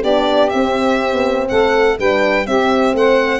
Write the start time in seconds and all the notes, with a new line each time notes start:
0.00 B3 D4 G4 D5
0.49 C4 E5
1.12 B3
1.48 A3 A4 F#5
1.97 G3 D4 B4 G5
2.46 C4 G4 E5
2.93 A3 C5 F#5